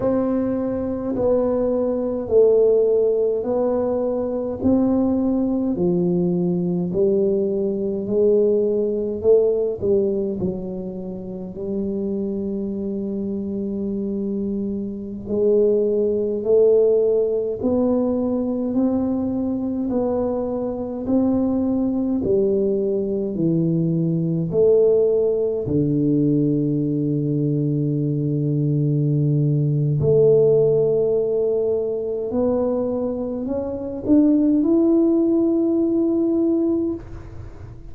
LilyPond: \new Staff \with { instrumentName = "tuba" } { \time 4/4 \tempo 4 = 52 c'4 b4 a4 b4 | c'4 f4 g4 gis4 | a8 g8 fis4 g2~ | g4~ g16 gis4 a4 b8.~ |
b16 c'4 b4 c'4 g8.~ | g16 e4 a4 d4.~ d16~ | d2 a2 | b4 cis'8 d'8 e'2 | }